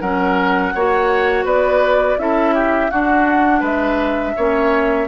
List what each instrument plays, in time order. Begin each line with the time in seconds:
0.00 bassoon F#3, clarinet C#4, oboe A#4, flute F#5
0.74 bassoon A#3, clarinet F#4, oboe C#5
1.44 bassoon B3, oboe B4, flute D5
2.17 bassoon C#4, clarinet E4, oboe A4, flute E5
2.54 oboe G4
2.90 clarinet D4, bassoon D4, oboe F#4, flute F#5
3.59 bassoon G#3, oboe B4, flute E5
4.36 bassoon A#3, clarinet C#4, oboe C#5